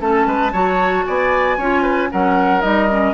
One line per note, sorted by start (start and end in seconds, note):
0.00 0.27 A3
0.00 0.53 C#4
0.00 0.27 A4
0.00 1.06 A5
0.27 0.53 G#3
0.27 0.53 B4
0.53 1.06 F#3
0.53 1.59 F#4
0.53 1.05 C#5
1.06 1.58 B3
1.06 1.58 D5
1.06 2.11 G#5
1.58 2.11 C#4
1.58 2.11 F4
1.58 1.83 C#5
1.83 2.09 B4
2.11 2.64 F#3
2.11 2.62 C#4
2.11 3.14 A#4
2.11 2.62 F#5
2.62 3.14 G3
2.62 2.88 D#4
2.62 3.14 D#5
2.91 3.14 C#4